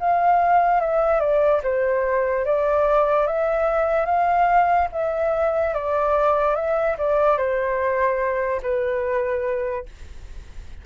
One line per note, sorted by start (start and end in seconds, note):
0.00 0.81 F5
0.81 1.20 E5
1.20 1.61 D5
1.64 2.45 C5
2.45 3.27 D5
3.27 4.06 E5
4.06 4.88 F5
4.92 5.74 E5
5.74 6.56 D5
6.56 6.97 E5
6.98 7.38 D5
7.38 8.61 C5
8.63 9.86 B4